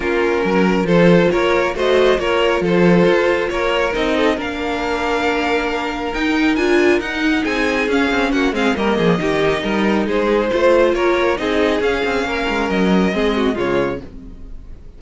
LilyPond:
<<
  \new Staff \with { instrumentName = "violin" } { \time 4/4 \tempo 4 = 137 ais'2 c''4 cis''4 | dis''4 cis''4 c''2 | cis''4 dis''4 f''2~ | f''2 g''4 gis''4 |
fis''4 gis''4 f''4 fis''8 f''8 | dis''2. c''4~ | c''4 cis''4 dis''4 f''4~ | f''4 dis''2 cis''4 | }
  \new Staff \with { instrumentName = "violin" } { \time 4/4 f'4 ais'4 a'4 ais'4 | c''4 ais'4 a'2 | ais'4. a'8 ais'2~ | ais'1~ |
ais'4 gis'2 fis'8 gis'8 | ais'8 gis'8 g'4 ais'4 gis'4 | c''4 ais'4 gis'2 | ais'2 gis'8 fis'8 f'4 | }
  \new Staff \with { instrumentName = "viola" } { \time 4/4 cis'2 f'2 | fis'4 f'2.~ | f'4 dis'4 d'2~ | d'2 dis'4 f'4 |
dis'2 cis'4. c'8 | ais4 dis'2. | f'2 dis'4 cis'4~ | cis'2 c'4 gis4 | }
  \new Staff \with { instrumentName = "cello" } { \time 4/4 ais4 fis4 f4 ais4 | a4 ais4 f4 f'4 | ais4 c'4 ais2~ | ais2 dis'4 d'4 |
dis'4 c'4 cis'8 c'8 ais8 gis8 | g8 f8 dis4 g4 gis4 | a4 ais4 c'4 cis'8 c'8 | ais8 gis8 fis4 gis4 cis4 | }
>>